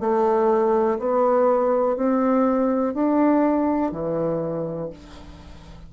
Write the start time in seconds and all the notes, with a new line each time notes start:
0.00 A3
0.99 B3
1.96 C4
2.94 D4
3.92 E3